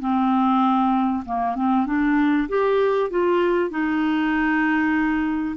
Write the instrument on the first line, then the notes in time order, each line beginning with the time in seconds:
clarinet
0.00 C4
1.26 A#3
1.55 C4
1.86 D4
2.49 G4
3.11 F4
3.70 D#4